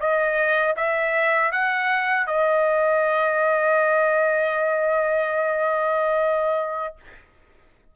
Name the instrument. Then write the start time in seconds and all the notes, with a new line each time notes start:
trumpet
0.00 D#5
0.76 E5
1.52 F#5
2.27 D#5